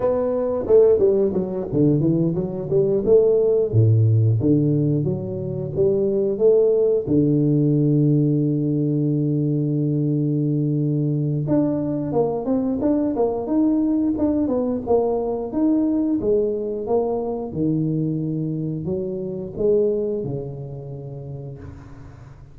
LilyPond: \new Staff \with { instrumentName = "tuba" } { \time 4/4 \tempo 4 = 89 b4 a8 g8 fis8 d8 e8 fis8 | g8 a4 a,4 d4 fis8~ | fis8 g4 a4 d4.~ | d1~ |
d4 d'4 ais8 c'8 d'8 ais8 | dis'4 d'8 b8 ais4 dis'4 | gis4 ais4 dis2 | fis4 gis4 cis2 | }